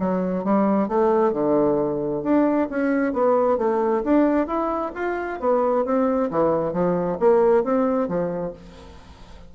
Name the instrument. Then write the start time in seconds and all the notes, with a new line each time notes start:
bassoon
0.00 F#3
0.44 G3
0.89 A3
1.33 D3
2.24 D4
2.70 C#4
3.14 B3
3.58 A3
4.04 D4
4.47 E4
4.95 F4
5.40 B3
5.85 C4
6.31 E3
6.73 F3
7.20 A#3
7.64 C4
8.09 F3